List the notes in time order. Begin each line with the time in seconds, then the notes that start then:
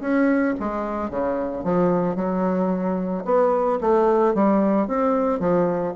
0.00 C#4
0.59 G#3
1.10 C#3
1.64 F3
2.15 F#3
3.25 B3
3.81 A3
4.34 G3
4.87 C4
5.40 F3